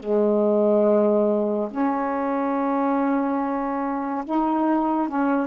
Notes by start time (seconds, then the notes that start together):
0.00 G#3
1.71 C#4
4.25 D#4
5.09 C#4